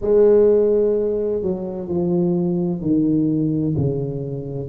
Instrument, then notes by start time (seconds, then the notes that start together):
tuba
0.01 G#3
1.41 F#3
1.88 F3
2.81 D#3
3.77 C#3